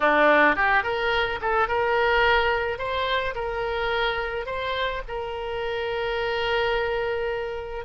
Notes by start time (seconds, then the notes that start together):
0.00 D4
0.55 G4
0.83 A#4
1.41 A4
1.67 A#4
2.78 C5
3.34 A#4
4.46 C5
5.07 A#4